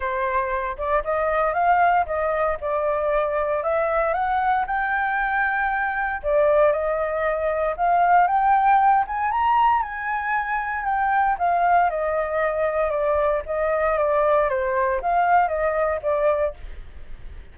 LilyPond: \new Staff \with { instrumentName = "flute" } { \time 4/4 \tempo 4 = 116 c''4. d''8 dis''4 f''4 | dis''4 d''2 e''4 | fis''4 g''2. | d''4 dis''2 f''4 |
g''4. gis''8 ais''4 gis''4~ | gis''4 g''4 f''4 dis''4~ | dis''4 d''4 dis''4 d''4 | c''4 f''4 dis''4 d''4 | }